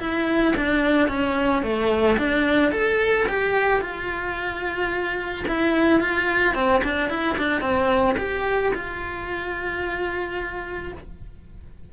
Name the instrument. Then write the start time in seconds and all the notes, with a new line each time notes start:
cello
0.00 E4
0.57 D4
1.08 C#4
1.63 A3
2.18 D4
2.72 A4
3.29 G4
3.81 F4
5.48 E4
6.00 F4
6.55 C4
6.84 D4
7.10 E4
7.38 D4
7.61 C4
8.18 G4
8.74 F4